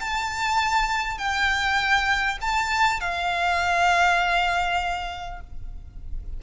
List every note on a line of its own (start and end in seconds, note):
0.00 1.18 A5
1.18 2.38 G5
2.41 3.00 A5
3.00 5.40 F5